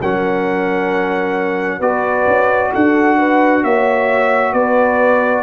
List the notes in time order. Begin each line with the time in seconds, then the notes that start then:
0.00 F#3 C#4 A#4 F#5
1.78 B3 F#4 B4 D5
2.27 C#4
2.72 D4 A4 F#5
3.17 B4
3.64 A#3 C#5 E5
4.53 B3 B4 D5